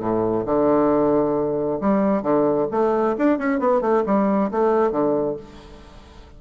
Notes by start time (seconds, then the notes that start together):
0.00 A2
0.46 D3
1.81 G3
2.22 D3
2.72 A3
3.18 D4
3.38 C#4
3.60 B3
3.81 A3
4.06 G3
4.51 A3
4.92 D3